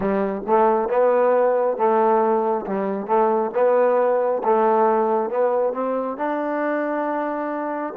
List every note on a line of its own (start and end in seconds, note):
0.00 0.41 G3
0.47 0.88 A3
0.88 1.76 B3
1.77 2.65 A3
2.66 3.06 G3
3.06 3.51 A3
3.54 4.42 B3
4.43 5.29 A3
5.29 5.73 B3
5.73 6.17 C4
6.17 7.93 D4